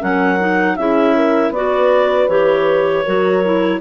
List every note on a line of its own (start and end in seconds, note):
0.00 0.78 F#3
0.00 0.38 C#4
0.00 0.76 A#4
0.00 0.76 F#5
0.40 0.78 D#4
0.76 1.50 C#4
0.76 1.55 E4
0.76 1.16 G#4
0.76 1.52 E5
1.16 1.53 A#4
1.50 2.26 B3
1.50 2.29 F#4
1.50 3.04 B4
1.50 2.29 D5
2.28 3.04 E3
2.28 3.05 G4
2.28 3.81 C#5
3.04 3.81 F#3
3.04 3.44 F#4
3.04 3.80 A#4
3.44 3.81 E4